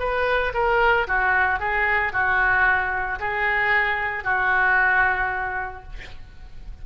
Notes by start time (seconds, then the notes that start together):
0.00 B4
0.54 A#4
1.08 F#4
1.60 G#4
2.13 F#4
3.20 G#4
4.24 F#4